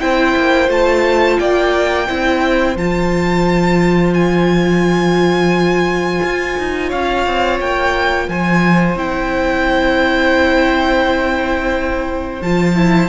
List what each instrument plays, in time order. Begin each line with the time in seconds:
0.00 cello C4, viola E4, violin C5 G5
0.36 cello A#3
0.68 cello A3, viola F4, violin A5
1.39 cello A#3, violin D5 G5
2.08 cello C4, viola E4, violin C5
2.76 cello F3, viola F4, violin A5
4.14 violin G#5
6.23 cello F4
6.58 cello D#4
6.88 cello C#4, violin C#5 F5
7.26 cello C4
7.60 cello A#3, violin G5
8.28 cello F3, violin C5 G#5
8.96 cello C4, viola E4, violin G5
12.42 cello F3, viola F4, violin A5
12.76 viola E4